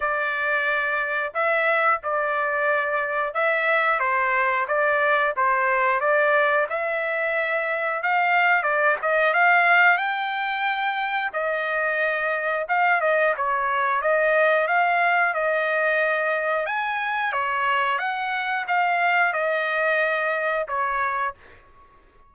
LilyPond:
\new Staff \with { instrumentName = "trumpet" } { \time 4/4 \tempo 4 = 90 d''2 e''4 d''4~ | d''4 e''4 c''4 d''4 | c''4 d''4 e''2 | f''4 d''8 dis''8 f''4 g''4~ |
g''4 dis''2 f''8 dis''8 | cis''4 dis''4 f''4 dis''4~ | dis''4 gis''4 cis''4 fis''4 | f''4 dis''2 cis''4 | }